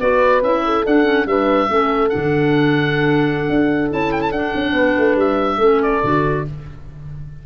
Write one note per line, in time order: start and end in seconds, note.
0.00 0.42 B3
0.00 0.42 F#4
0.00 0.64 B4
0.00 0.43 D5
0.42 0.84 C#4
0.42 0.85 E4
0.42 0.86 E5
0.65 1.29 A4
0.85 1.04 D4
0.85 1.26 D4
0.85 1.27 F#5
1.04 1.25 C#4
1.26 1.68 G3
1.26 1.68 D4
1.26 1.71 B4
1.26 2.09 E5
1.68 2.12 A3
1.68 2.10 C#4
1.68 4.75 A4
2.09 3.90 D4
2.09 3.89 F#5
2.15 3.49 D3
3.49 3.92 D4
3.90 4.31 C#4
3.90 4.32 E4
3.90 4.12 A5
4.12 4.21 G5
4.21 4.32 A5
4.31 4.52 D4
4.31 5.60 D4
4.31 5.16 F#5
4.55 4.72 C#4
4.72 4.93 B3
4.72 5.59 B4
4.98 5.16 A3
5.16 5.58 G3
5.16 5.82 E5
5.58 6.00 A3
5.58 6.02 C#4
5.58 6.43 A4
5.82 6.46 D5
6.03 6.46 D3
6.03 6.45 F#4